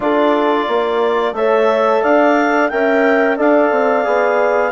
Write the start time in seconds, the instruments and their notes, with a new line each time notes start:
0.00 bassoon D4, trombone F4, horn A4, clarinet D5
0.68 bassoon A#3, horn D5
1.32 bassoon A3, trombone A4, horn C#5, clarinet E5
2.02 bassoon D4, horn D5, clarinet F5
2.69 bassoon C#4, trombone A#4, horn E5, clarinet G5
3.37 bassoon D4, trombone A4, horn D5, clarinet F5
3.71 bassoon C4
4.04 bassoon B3, trombone G#4